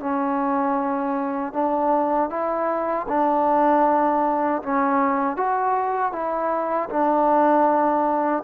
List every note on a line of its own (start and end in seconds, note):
0.00 1.53 C#4
1.53 2.30 D4
2.30 3.07 E4
3.09 4.63 D4
4.63 5.37 C#4
5.37 6.13 F#4
6.13 6.90 E4
6.90 8.44 D4